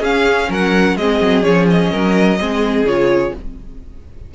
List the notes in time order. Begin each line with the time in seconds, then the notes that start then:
0.00 C#4 G#4 F5
0.49 F#3 A#4 F#5
0.96 G#3 C4 G#4 D#5
1.20 F#3
1.43 F3 C#4 C#5
1.70 D#5
1.92 F#3 A#4
2.40 G#3 C4 G#4
2.83 C#3 F4 C#5